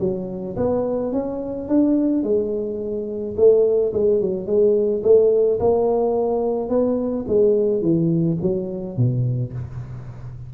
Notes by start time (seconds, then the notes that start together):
0.00 F#3
0.57 B3
1.12 C#4
1.69 D4
2.23 G#3
3.37 A3
3.94 G#3
4.21 F#3
4.47 G#3
5.03 A3
5.60 A#3
6.70 B3
7.28 G#3
7.82 E3
8.42 F#3
8.97 B2